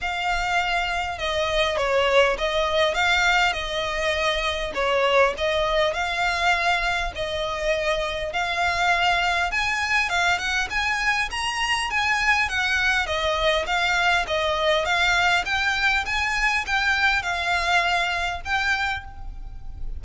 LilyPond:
\new Staff \with { instrumentName = "violin" } { \time 4/4 \tempo 4 = 101 f''2 dis''4 cis''4 | dis''4 f''4 dis''2 | cis''4 dis''4 f''2 | dis''2 f''2 |
gis''4 f''8 fis''8 gis''4 ais''4 | gis''4 fis''4 dis''4 f''4 | dis''4 f''4 g''4 gis''4 | g''4 f''2 g''4 | }